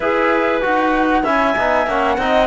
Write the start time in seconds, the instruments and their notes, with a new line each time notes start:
0.00 cello E4, trombone G#4, clarinet B4, flute E5
0.61 cello D#4, trombone F#4, flute F#5
1.22 cello C#4, trombone E4, clarinet E5, flute G#5
1.57 cello B3, trombone D#4
1.86 cello A#3, trombone C#4, flute F#5
2.17 cello C4, trombone D#4, clarinet D#5